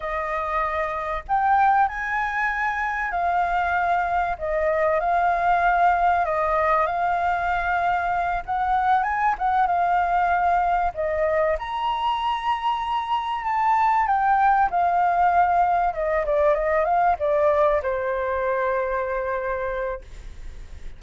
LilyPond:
\new Staff \with { instrumentName = "flute" } { \time 4/4 \tempo 4 = 96 dis''2 g''4 gis''4~ | gis''4 f''2 dis''4 | f''2 dis''4 f''4~ | f''4. fis''4 gis''8 fis''8 f''8~ |
f''4. dis''4 ais''4.~ | ais''4. a''4 g''4 f''8~ | f''4. dis''8 d''8 dis''8 f''8 d''8~ | d''8 c''2.~ c''8 | }